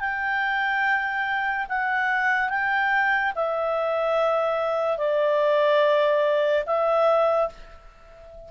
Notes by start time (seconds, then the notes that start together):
0.00 G5
1.69 F#5
2.49 G5
3.35 E5
4.98 D5
6.66 E5